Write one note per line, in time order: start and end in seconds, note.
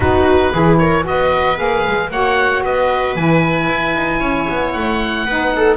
0.00 0.52 B3
0.00 0.52 D#4
0.00 0.53 F#4
0.00 0.77 B4
0.53 1.06 E3
0.53 1.02 E4
0.53 0.79 G#4
0.78 1.06 A#4
0.78 1.04 C#5
1.02 1.59 B3
1.02 1.54 F#4
1.02 1.58 D#5
1.09 2.12 B4
1.56 1.85 A#3
1.56 2.09 G#4
1.56 2.11 F5
1.86 2.10 G#3
2.10 2.62 A#3
2.10 3.16 F#4
2.10 2.64 C#5
2.10 2.63 F#5
2.63 3.15 B3
2.63 4.20 B4
2.63 3.16 D#5
3.15 3.68 E3
3.15 5.27 E4
3.15 4.73 G#5
3.69 3.95 E4
3.95 4.20 D#4
4.20 4.46 C#4
4.20 5.25 C#5
4.49 4.75 B3
4.73 5.25 A3
4.73 5.76 F#5
5.25 5.76 B3
5.25 5.76 D#4
5.25 5.52 B4
5.56 5.76 A4